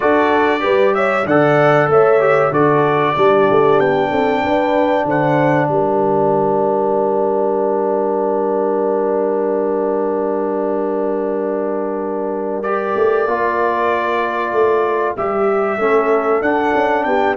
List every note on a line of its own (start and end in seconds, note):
0.00 0.64 D4
0.00 0.60 F#4
0.00 0.62 A4
0.00 0.94 D5
0.60 1.25 G3
0.60 1.23 G4
0.60 0.93 B4
0.94 1.26 C#5
0.94 1.26 E5
1.25 1.87 D3
1.25 2.20 A4
1.25 1.89 D5
1.25 1.90 F#5
1.87 2.50 A3
1.87 2.51 C#5
1.87 2.53 E5
2.20 2.51 G4
2.51 3.14 D3
2.51 3.15 F#4
2.51 3.15 A4
2.51 3.79 D5
3.15 3.48 G3
3.15 12.63 D4
3.15 4.10 G4
3.50 3.79 A3
3.79 4.10 B3
3.79 5.06 G5
4.10 4.43 C4
4.10 4.41 A4
4.42 5.04 D4
4.42 5.06 B4
5.04 5.67 D3
5.04 5.70 C5
5.04 5.68 F#5
5.68 12.94 G3
5.68 15.81 A#4
5.68 12.62 G5
12.62 13.28 G4
12.62 15.15 D5
12.95 13.26 A3
13.26 14.52 A#3
13.26 15.17 F4
14.52 15.15 A3
15.16 15.77 G3
15.16 15.79 G4
15.16 16.42 E5
15.77 16.40 A3
15.77 16.42 C#4
15.77 17.07 A4
16.41 16.72 D4
16.41 17.36 D4
16.41 17.03 F#5
16.74 17.06 C#4
17.03 17.36 B3
17.03 17.36 G4
17.03 17.35 G5